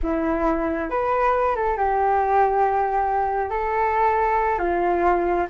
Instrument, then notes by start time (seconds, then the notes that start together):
flute
0.03 E4
0.90 B4
1.55 A4
1.77 G4
3.50 A4
4.58 F4